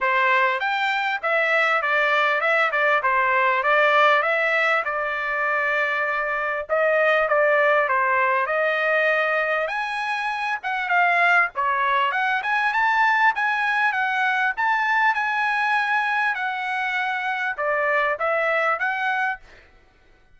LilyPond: \new Staff \with { instrumentName = "trumpet" } { \time 4/4 \tempo 4 = 99 c''4 g''4 e''4 d''4 | e''8 d''8 c''4 d''4 e''4 | d''2. dis''4 | d''4 c''4 dis''2 |
gis''4. fis''8 f''4 cis''4 | fis''8 gis''8 a''4 gis''4 fis''4 | a''4 gis''2 fis''4~ | fis''4 d''4 e''4 fis''4 | }